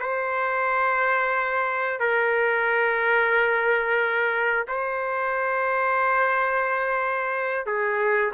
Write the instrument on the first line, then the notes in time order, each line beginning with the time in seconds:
trumpet
0.00 C5
2.00 A#4
4.68 C5
7.66 G#4